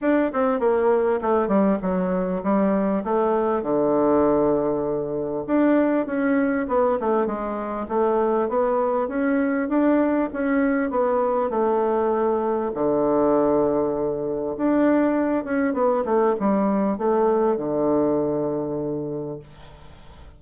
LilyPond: \new Staff \with { instrumentName = "bassoon" } { \time 4/4 \tempo 4 = 99 d'8 c'8 ais4 a8 g8 fis4 | g4 a4 d2~ | d4 d'4 cis'4 b8 a8 | gis4 a4 b4 cis'4 |
d'4 cis'4 b4 a4~ | a4 d2. | d'4. cis'8 b8 a8 g4 | a4 d2. | }